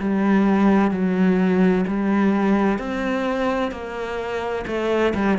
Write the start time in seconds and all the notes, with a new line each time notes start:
0.00 G3
0.91 F#3
1.87 G3
2.79 C4
3.72 A#3
4.67 A3
5.15 G3